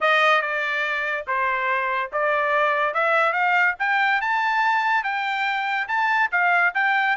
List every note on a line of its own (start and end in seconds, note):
0.00 0.41 D#5
0.41 1.25 D5
1.27 2.11 C5
2.12 2.94 D5
2.94 3.33 E5
3.33 3.75 F5
3.79 4.21 G5
4.21 5.03 A5
5.03 5.87 G5
5.88 6.30 A5
6.31 6.73 F5
6.74 7.16 G5